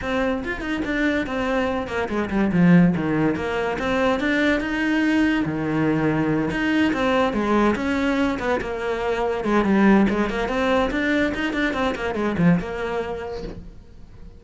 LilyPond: \new Staff \with { instrumentName = "cello" } { \time 4/4 \tempo 4 = 143 c'4 f'8 dis'8 d'4 c'4~ | c'8 ais8 gis8 g8 f4 dis4 | ais4 c'4 d'4 dis'4~ | dis'4 dis2~ dis8 dis'8~ |
dis'8 c'4 gis4 cis'4. | b8 ais2 gis8 g4 | gis8 ais8 c'4 d'4 dis'8 d'8 | c'8 ais8 gis8 f8 ais2 | }